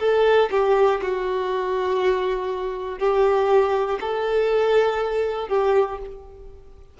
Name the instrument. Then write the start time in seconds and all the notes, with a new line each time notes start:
violin
0.00 A4
0.51 G4
1.01 F#4
2.99 G4
4.00 A4
5.48 G4